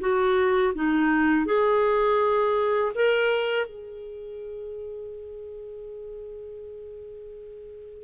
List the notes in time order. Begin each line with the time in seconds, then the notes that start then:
0.00 F#4
0.75 D#4
1.46 G#4
2.95 A#4
3.66 G#4